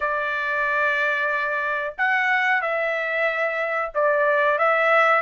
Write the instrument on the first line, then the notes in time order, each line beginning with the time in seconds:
trumpet
0.00 D5
1.97 F#5
2.61 E5
3.94 D5
4.58 E5